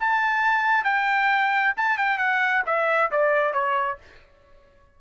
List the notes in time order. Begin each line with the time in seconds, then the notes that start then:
0.00 A5
0.84 G5
1.76 A5
1.97 G5
2.18 F#5
2.66 E5
3.11 D5
3.53 C#5